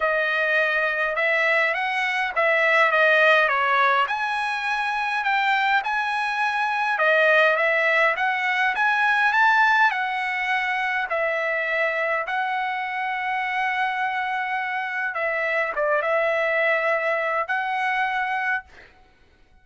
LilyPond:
\new Staff \with { instrumentName = "trumpet" } { \time 4/4 \tempo 4 = 103 dis''2 e''4 fis''4 | e''4 dis''4 cis''4 gis''4~ | gis''4 g''4 gis''2 | dis''4 e''4 fis''4 gis''4 |
a''4 fis''2 e''4~ | e''4 fis''2.~ | fis''2 e''4 d''8 e''8~ | e''2 fis''2 | }